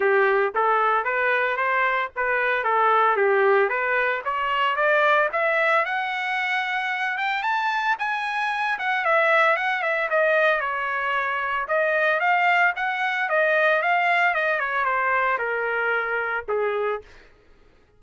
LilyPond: \new Staff \with { instrumentName = "trumpet" } { \time 4/4 \tempo 4 = 113 g'4 a'4 b'4 c''4 | b'4 a'4 g'4 b'4 | cis''4 d''4 e''4 fis''4~ | fis''4. g''8 a''4 gis''4~ |
gis''8 fis''8 e''4 fis''8 e''8 dis''4 | cis''2 dis''4 f''4 | fis''4 dis''4 f''4 dis''8 cis''8 | c''4 ais'2 gis'4 | }